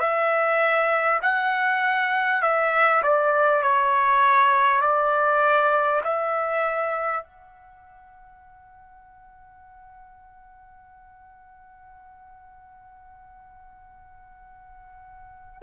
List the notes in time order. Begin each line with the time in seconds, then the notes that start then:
0.00 E5
1.22 F#5
2.43 E5
3.03 D5
3.63 C#5
4.82 D5
6.04 E5
7.24 F#5